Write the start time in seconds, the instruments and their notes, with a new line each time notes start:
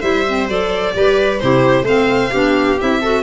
0.00 tuba G3, clarinet E4, viola C5, violin E5
0.28 clarinet C4
0.49 tuba F#3, clarinet A4, violin D5
0.94 tuba G3, clarinet G4, viola B4
1.39 tuba C3, clarinet E4, viola G4, violin C5
1.83 tuba A3, clarinet C4, viola C5, violin F5
2.31 tuba B3, clarinet D4, viola G4
2.80 tuba C4, clarinet E4, violin E5
3.01 clarinet F#4, viola A4